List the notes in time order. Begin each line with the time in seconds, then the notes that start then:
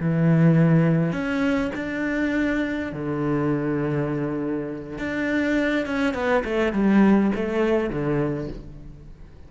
0.00 E3
1.13 C#4
1.75 D4
2.93 D3
4.99 D4
5.86 C#4
6.14 B3
6.44 A3
6.73 G3
7.35 A3
7.90 D3